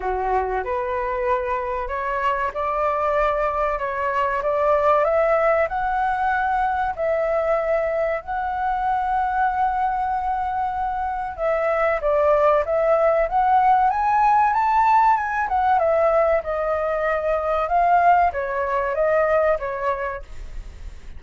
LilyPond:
\new Staff \with { instrumentName = "flute" } { \time 4/4 \tempo 4 = 95 fis'4 b'2 cis''4 | d''2 cis''4 d''4 | e''4 fis''2 e''4~ | e''4 fis''2.~ |
fis''2 e''4 d''4 | e''4 fis''4 gis''4 a''4 | gis''8 fis''8 e''4 dis''2 | f''4 cis''4 dis''4 cis''4 | }